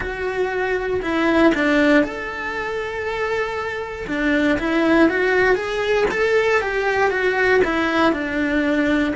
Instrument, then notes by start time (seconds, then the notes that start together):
cello
0.00 F#4
1.02 E4
1.54 D4
2.03 A4
4.07 D4
4.59 E4
5.08 F#4
5.55 G#4
6.11 A4
6.61 G4
7.10 F#4
7.64 E4
8.12 D4